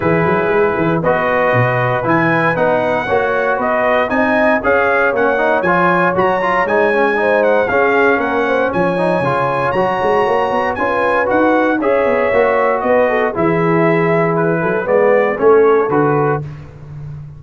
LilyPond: <<
  \new Staff \with { instrumentName = "trumpet" } { \time 4/4 \tempo 4 = 117 b'2 dis''2 | gis''4 fis''2 dis''4 | gis''4 f''4 fis''4 gis''4 | ais''4 gis''4. fis''8 f''4 |
fis''4 gis''2 ais''4~ | ais''4 gis''4 fis''4 e''4~ | e''4 dis''4 e''2 | b'4 d''4 cis''4 b'4 | }
  \new Staff \with { instrumentName = "horn" } { \time 4/4 gis'2 b'2~ | b'2 cis''4 b'4 | dis''4 cis''2.~ | cis''2 c''4 gis'4 |
ais'8 c''8 cis''2.~ | cis''4 b'2 cis''4~ | cis''4 b'8 a'8 gis'2~ | gis'8 a'8 b'4 a'2 | }
  \new Staff \with { instrumentName = "trombone" } { \time 4/4 e'2 fis'2 | e'4 dis'4 fis'2 | dis'4 gis'4 cis'8 dis'8 f'4 | fis'8 f'8 dis'8 cis'8 dis'4 cis'4~ |
cis'4. dis'8 f'4 fis'4~ | fis'4 f'4 fis'4 gis'4 | fis'2 e'2~ | e'4 b4 cis'4 fis'4 | }
  \new Staff \with { instrumentName = "tuba" } { \time 4/4 e8 fis8 gis8 e8 b4 b,4 | e4 b4 ais4 b4 | c'4 cis'4 ais4 f4 | fis4 gis2 cis'4 |
ais4 f4 cis4 fis8 gis8 | ais8 b8 cis'4 dis'4 cis'8 b8 | ais4 b4 e2~ | e8 fis8 gis4 a4 d4 | }
>>